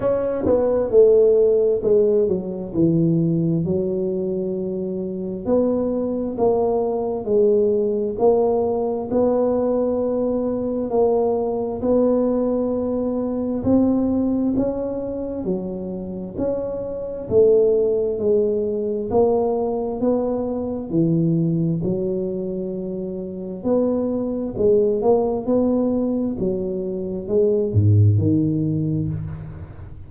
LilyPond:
\new Staff \with { instrumentName = "tuba" } { \time 4/4 \tempo 4 = 66 cis'8 b8 a4 gis8 fis8 e4 | fis2 b4 ais4 | gis4 ais4 b2 | ais4 b2 c'4 |
cis'4 fis4 cis'4 a4 | gis4 ais4 b4 e4 | fis2 b4 gis8 ais8 | b4 fis4 gis8 gis,8 dis4 | }